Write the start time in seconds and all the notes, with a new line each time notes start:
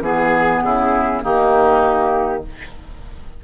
0.00 E3 B3 G#4
0.62 C#3 E4
1.22 D#3 A#3 D#4 G4